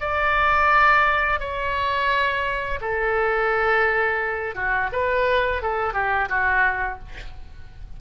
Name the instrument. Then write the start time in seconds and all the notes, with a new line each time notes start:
oboe
0.00 D5
1.40 C#5
2.81 A4
4.54 F#4
4.92 B4
5.62 A4
5.93 G4
6.29 F#4